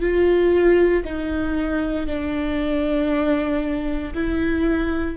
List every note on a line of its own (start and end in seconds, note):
0.00 1.03 F4
1.05 2.06 D#4
2.06 4.13 D4
4.14 5.17 E4